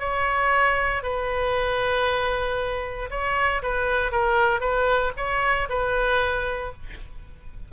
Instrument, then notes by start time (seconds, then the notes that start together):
oboe
0.00 C#5
1.03 B4
3.11 C#5
3.63 B4
4.12 A#4
4.61 B4
5.17 C#5
5.69 B4